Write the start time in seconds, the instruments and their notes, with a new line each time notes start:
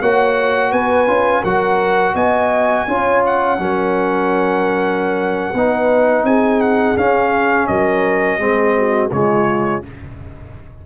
0.00 tuba A#3, trombone F#4, horn C#5, trumpet F#5
0.70 tuba B3, horn B4, trumpet G#5
1.07 tuba C#4, trombone F4
1.42 tuba F#3, trombone F#4, horn A#4, trumpet F#5
2.14 tuba B3, horn D#5, trumpet G#5
2.87 tuba C#4, trombone F4, horn C#5
3.26 trumpet F#5
3.58 tuba F#3, trombone C#4, horn A#4
5.54 tuba B3, trombone D#4, horn B4
6.24 tuba C4, horn G#4, trumpet G#5
6.61 trumpet F#5
6.97 tuba C#4, trombone C#4, trumpet F5
7.67 tuba F#3, horn A#4, trumpet D#5
8.39 tuba G#3, trombone C4, horn G#4
8.78 horn F#4
9.12 tuba C#3, trombone G#3, horn F4, trumpet C#5